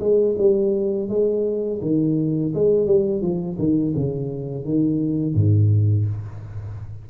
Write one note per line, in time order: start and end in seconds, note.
0.00 0.36 G#3
0.38 1.09 G3
1.09 1.80 G#3
1.81 2.53 D#3
2.54 2.87 G#3
2.87 3.21 G3
3.21 3.57 F3
3.58 3.94 D#3
3.96 4.65 C#3
4.65 5.34 D#3
5.34 6.06 G#2